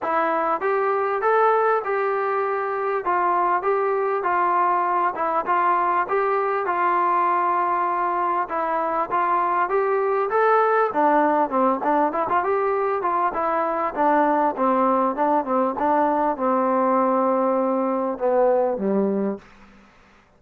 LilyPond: \new Staff \with { instrumentName = "trombone" } { \time 4/4 \tempo 4 = 99 e'4 g'4 a'4 g'4~ | g'4 f'4 g'4 f'4~ | f'8 e'8 f'4 g'4 f'4~ | f'2 e'4 f'4 |
g'4 a'4 d'4 c'8 d'8 | e'16 f'16 g'4 f'8 e'4 d'4 | c'4 d'8 c'8 d'4 c'4~ | c'2 b4 g4 | }